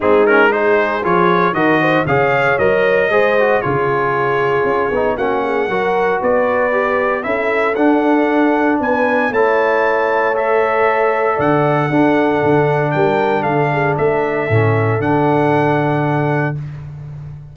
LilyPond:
<<
  \new Staff \with { instrumentName = "trumpet" } { \time 4/4 \tempo 4 = 116 gis'8 ais'8 c''4 cis''4 dis''4 | f''4 dis''2 cis''4~ | cis''2 fis''2 | d''2 e''4 fis''4~ |
fis''4 gis''4 a''2 | e''2 fis''2~ | fis''4 g''4 f''4 e''4~ | e''4 fis''2. | }
  \new Staff \with { instrumentName = "horn" } { \time 4/4 dis'4 gis'2 ais'8 c''8 | cis''2 c''4 gis'4~ | gis'2 fis'8 gis'8 ais'4 | b'2 a'2~ |
a'4 b'4 cis''2~ | cis''2 d''4 a'4~ | a'4 ais'4 a'8 gis'8 a'4~ | a'1 | }
  \new Staff \with { instrumentName = "trombone" } { \time 4/4 c'8 cis'8 dis'4 f'4 fis'4 | gis'4 ais'4 gis'8 fis'8 f'4~ | f'4. dis'8 cis'4 fis'4~ | fis'4 g'4 e'4 d'4~ |
d'2 e'2 | a'2. d'4~ | d'1 | cis'4 d'2. | }
  \new Staff \with { instrumentName = "tuba" } { \time 4/4 gis2 f4 dis4 | cis4 fis4 gis4 cis4~ | cis4 cis'8 b8 ais4 fis4 | b2 cis'4 d'4~ |
d'4 b4 a2~ | a2 d4 d'4 | d4 g4 d4 a4 | a,4 d2. | }
>>